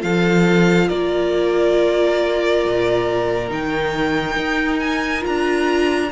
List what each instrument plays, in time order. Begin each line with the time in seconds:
0.00 cello F3, viola F4, violin A4 F5
0.88 cello A#3, violin A#4 D5
2.66 cello A#2
3.49 cello D#3, viola D#4, violin G5
4.37 cello D#4
4.80 violin G#5
5.21 viola F4, violin A#5
5.27 cello D4